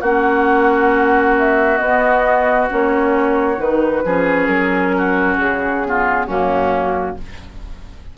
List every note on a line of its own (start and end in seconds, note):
0.00 1.80 A#3
0.00 1.78 C#4
0.00 4.03 F#4
0.00 1.35 F#5
1.38 1.77 E5
1.77 2.67 B3
1.77 2.70 B3
1.77 2.66 D#5
2.69 3.58 A#3
2.69 3.57 C#4
2.69 3.60 C#5
3.57 4.02 D#3
3.57 4.02 D#4
3.57 4.46 B4
4.04 4.47 F3
4.04 5.85 C#4
4.04 4.95 G#4
4.46 5.37 F#3
4.46 5.36 A#4
4.97 5.87 F#4
5.37 6.26 C#3
5.37 6.27 G#4
5.85 6.28 B3
5.85 6.26 F4
6.26 7.16 F#2
6.26 7.17 A#3
6.26 7.15 C#4
6.26 7.17 F#4